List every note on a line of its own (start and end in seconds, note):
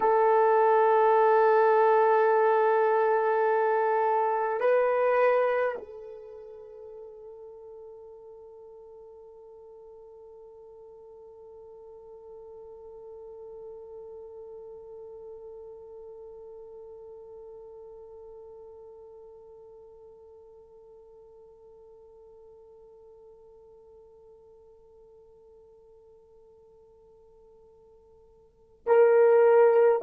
0.00 4.60 A4
4.60 5.75 B4
5.77 28.85 A4
28.86 30.02 A#4